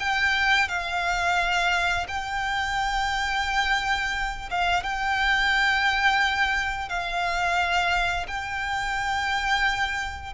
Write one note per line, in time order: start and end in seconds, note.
0.00 0.69 G5
0.69 2.07 F5
2.08 4.50 G5
4.51 4.84 F5
4.84 6.89 G5
6.89 8.27 F5
8.28 10.34 G5